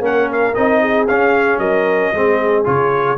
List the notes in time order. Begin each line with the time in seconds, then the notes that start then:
0.00 A#3 C#4 A#4 F#5
0.33 F5
0.55 C4 D#4 D#5
0.82 G#4
1.08 C#4 F5
1.58 F#3 A#4 D#5
2.13 G#3 C4 G#4
2.65 C#3 F4 C#5